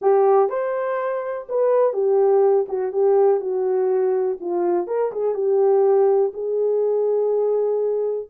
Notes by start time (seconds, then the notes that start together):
0.01 G4
0.49 C5
1.49 B4
1.93 G4
2.68 F#4
2.92 G4
3.40 F#4
4.40 F4
4.87 A#4
5.12 G#4
5.34 G4
6.33 G#4